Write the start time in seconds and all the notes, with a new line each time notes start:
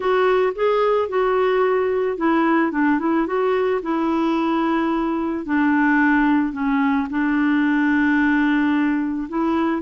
0.00 F#4
0.55 G#4
1.09 F#4
2.17 E4
2.71 D4
2.99 E4
3.26 F#4
3.82 E4
5.45 D4
6.53 C#4
7.10 D4
9.28 E4